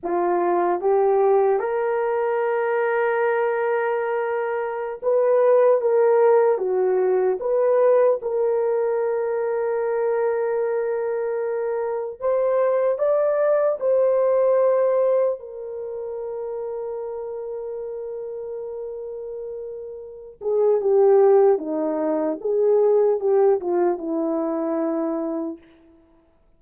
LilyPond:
\new Staff \with { instrumentName = "horn" } { \time 4/4 \tempo 4 = 75 f'4 g'4 ais'2~ | ais'2~ ais'16 b'4 ais'8.~ | ais'16 fis'4 b'4 ais'4.~ ais'16~ | ais'2.~ ais'16 c''8.~ |
c''16 d''4 c''2 ais'8.~ | ais'1~ | ais'4. gis'8 g'4 dis'4 | gis'4 g'8 f'8 e'2 | }